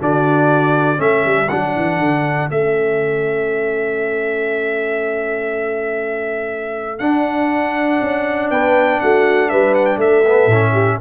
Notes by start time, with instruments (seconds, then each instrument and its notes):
0.00 tuba D3, trombone D4, horn F#4, trumpet D5
0.96 tuba A3, trombone C#4, horn A4, trumpet E5
1.25 tuba G3
1.48 tuba F#3, trombone D4, trumpet F#5
1.76 tuba E3
1.98 tuba D3
2.49 tuba A3, trombone C#4, trumpet E5
6.98 trombone D4, tuba D4, trumpet F#5
8.01 tuba C#4
8.50 tuba B3, horn B4, trumpet G5
9.00 tuba A3, horn F#4, trumpet F#5
9.49 tuba G3, horn B4, trumpet E5
9.74 trumpet F#5
9.85 trumpet G5
9.96 tuba A3, trumpet E5
10.03 horn A4
10.26 trombone B3
10.46 tuba A2
10.52 trombone C#4
10.72 horn G4